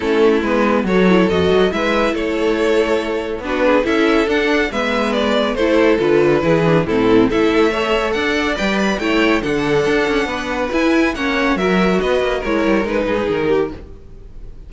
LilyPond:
<<
  \new Staff \with { instrumentName = "violin" } { \time 4/4 \tempo 4 = 140 a'4 b'4 cis''4 dis''4 | e''4 cis''2. | b'4 e''4 fis''4 e''4 | d''4 c''4 b'2 |
a'4 e''2 fis''4 | g''8 b''8 g''4 fis''2~ | fis''4 gis''4 fis''4 e''4 | dis''4 cis''4 b'4 ais'4 | }
  \new Staff \with { instrumentName = "violin" } { \time 4/4 e'2 a'2 | b'4 a'2. | fis'8 gis'8 a'2 b'4~ | b'4 a'2 gis'4 |
e'4 a'4 cis''4 d''4~ | d''4 cis''4 a'2 | b'2 cis''4 ais'4 | b'4 ais'4. gis'4 g'8 | }
  \new Staff \with { instrumentName = "viola" } { \time 4/4 cis'4 b4 fis'8 e'8 fis'4 | e'1 | d'4 e'4 d'4 b4~ | b4 e'4 f'4 e'8 d'8 |
c'4 e'4 a'2 | b'4 e'4 d'2~ | d'4 e'4 cis'4 fis'4~ | fis'4 e'4 dis'2 | }
  \new Staff \with { instrumentName = "cello" } { \time 4/4 a4 gis4 fis4 f,8 fis8 | gis4 a2. | b4 cis'4 d'4 gis4~ | gis4 a4 d4 e4 |
a,4 a2 d'4 | g4 a4 d4 d'8 cis'8 | b4 e'4 ais4 fis4 | b8 ais8 gis8 g8 gis8 gis,8 dis4 | }
>>